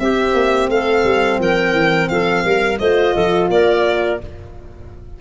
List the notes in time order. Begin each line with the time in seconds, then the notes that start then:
0.00 C4 G4 E5
0.34 A#3
0.69 A3 A4 F5
1.05 G3
1.40 F3 A#4 G5
1.73 E3
2.09 F3 A4 F5
2.44 G3 A#4
2.79 A3 F4 C5 D#5
3.15 F3 A4
3.50 A#3 A#4 D5